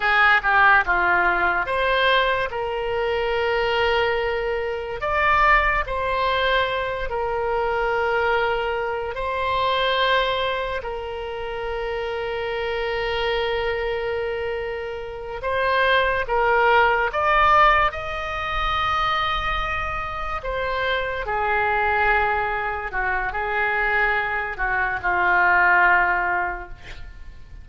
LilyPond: \new Staff \with { instrumentName = "oboe" } { \time 4/4 \tempo 4 = 72 gis'8 g'8 f'4 c''4 ais'4~ | ais'2 d''4 c''4~ | c''8 ais'2~ ais'8 c''4~ | c''4 ais'2.~ |
ais'2~ ais'8 c''4 ais'8~ | ais'8 d''4 dis''2~ dis''8~ | dis''8 c''4 gis'2 fis'8 | gis'4. fis'8 f'2 | }